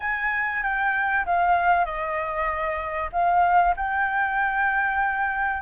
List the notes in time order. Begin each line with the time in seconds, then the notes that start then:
0.00 G#5
0.62 G5
1.25 F5
1.85 D#5
3.12 F5
3.76 G5